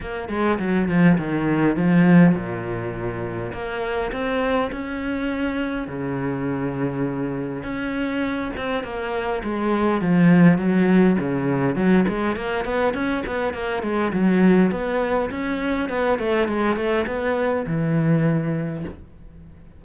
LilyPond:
\new Staff \with { instrumentName = "cello" } { \time 4/4 \tempo 4 = 102 ais8 gis8 fis8 f8 dis4 f4 | ais,2 ais4 c'4 | cis'2 cis2~ | cis4 cis'4. c'8 ais4 |
gis4 f4 fis4 cis4 | fis8 gis8 ais8 b8 cis'8 b8 ais8 gis8 | fis4 b4 cis'4 b8 a8 | gis8 a8 b4 e2 | }